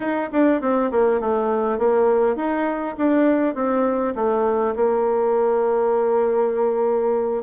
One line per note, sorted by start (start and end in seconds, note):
0.00 0.29 D#4
0.32 0.61 D4
0.61 0.91 C4
0.91 1.20 A#3
1.20 1.78 A3
1.78 2.36 A#3
2.36 2.95 D#4
2.97 3.55 D4
3.55 4.14 C4
4.15 4.74 A3
4.75 7.43 A#3